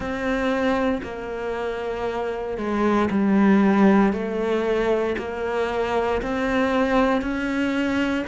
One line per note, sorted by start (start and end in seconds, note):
0.00 1.01 C4
1.03 2.57 A#3
2.57 3.09 G#3
3.10 4.12 G3
4.12 5.16 A3
5.18 6.21 A#3
6.22 7.21 C4
7.21 8.25 C#4